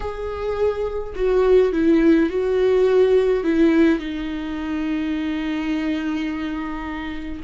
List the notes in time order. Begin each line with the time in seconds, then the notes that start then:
0.00 G#4
1.15 F#4
1.72 E4
2.29 F#4
3.43 E4
3.99 D#4